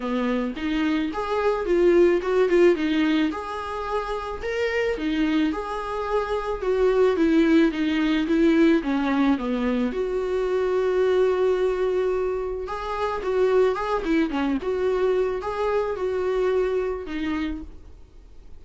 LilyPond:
\new Staff \with { instrumentName = "viola" } { \time 4/4 \tempo 4 = 109 b4 dis'4 gis'4 f'4 | fis'8 f'8 dis'4 gis'2 | ais'4 dis'4 gis'2 | fis'4 e'4 dis'4 e'4 |
cis'4 b4 fis'2~ | fis'2. gis'4 | fis'4 gis'8 e'8 cis'8 fis'4. | gis'4 fis'2 dis'4 | }